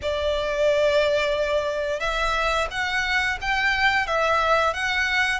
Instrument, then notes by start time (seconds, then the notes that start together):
violin
0.02 D5
2.00 E5
2.71 F#5
3.41 G5
4.06 E5
4.73 F#5